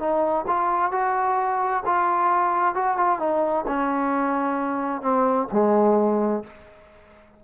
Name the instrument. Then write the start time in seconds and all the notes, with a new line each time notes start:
trombone
0.00 D#4
0.48 F4
0.92 F#4
1.86 F4
2.75 F#4
2.98 F4
3.20 D#4
3.68 C#4
5.02 C4
5.52 G#3